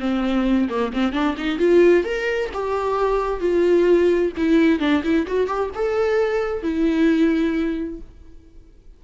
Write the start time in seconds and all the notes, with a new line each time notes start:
0.00 C4
0.70 A#3
0.93 C4
1.13 D4
1.38 D#4
1.59 F4
2.04 A#4
2.54 G4
3.41 F4
4.37 E4
4.80 D4
5.04 E4
5.28 F#4
5.47 G4
5.75 A4
6.63 E4